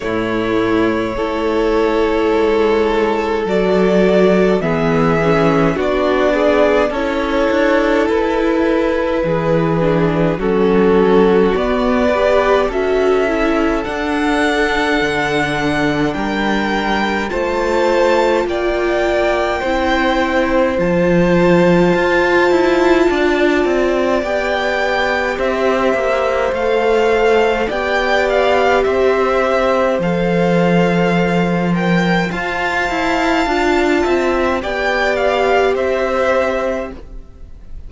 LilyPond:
<<
  \new Staff \with { instrumentName = "violin" } { \time 4/4 \tempo 4 = 52 cis''2. d''4 | e''4 d''4 cis''4 b'4~ | b'4 a'4 d''4 e''4 | fis''2 g''4 a''4 |
g''2 a''2~ | a''4 g''4 e''4 f''4 | g''8 f''8 e''4 f''4. g''8 | a''2 g''8 f''8 e''4 | }
  \new Staff \with { instrumentName = "violin" } { \time 4/4 e'4 a'2. | gis'4 fis'8 gis'8 a'2 | gis'4 fis'4. b'8 a'4~ | a'2 ais'4 c''4 |
d''4 c''2. | d''2 c''2 | d''4 c''2. | f''4. e''8 d''4 c''4 | }
  \new Staff \with { instrumentName = "viola" } { \time 4/4 a4 e'2 fis'4 | b8 cis'8 d'4 e'2~ | e'8 d'8 cis'4 b8 g'8 fis'8 e'8 | d'2. f'4~ |
f'4 e'4 f'2~ | f'4 g'2 a'4 | g'2 a'4. ais'8 | c''4 f'4 g'2 | }
  \new Staff \with { instrumentName = "cello" } { \time 4/4 a,4 a4 gis4 fis4 | e4 b4 cis'8 d'8 e'4 | e4 fis4 b4 cis'4 | d'4 d4 g4 a4 |
ais4 c'4 f4 f'8 e'8 | d'8 c'8 b4 c'8 ais8 a4 | b4 c'4 f2 | f'8 e'8 d'8 c'8 b4 c'4 | }
>>